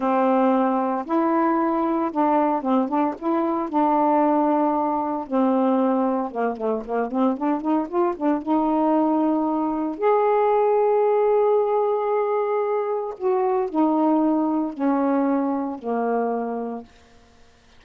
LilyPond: \new Staff \with { instrumentName = "saxophone" } { \time 4/4 \tempo 4 = 114 c'2 e'2 | d'4 c'8 d'8 e'4 d'4~ | d'2 c'2 | ais8 a8 ais8 c'8 d'8 dis'8 f'8 d'8 |
dis'2. gis'4~ | gis'1~ | gis'4 fis'4 dis'2 | cis'2 ais2 | }